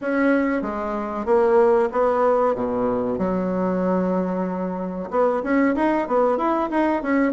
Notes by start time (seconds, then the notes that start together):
0.01 C#4
0.62 G#3
1.25 A#3
1.91 B3
2.55 B2
3.18 F#3
5.10 B3
5.43 C#4
5.75 D#4
6.07 B3
6.37 E4
6.70 D#4
7.02 C#4